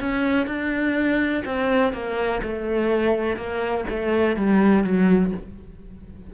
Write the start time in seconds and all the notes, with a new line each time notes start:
0.00 C#4
0.47 D4
1.45 C4
1.93 A#3
2.42 A3
3.37 A#3
3.89 A3
4.36 G3
4.84 F#3